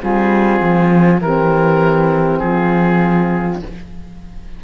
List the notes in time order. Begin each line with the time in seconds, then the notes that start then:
0.00 G3 C4 F4 G#4
0.60 F3
1.21 E3 C4 G4 A#4
2.39 F3 F4 G#4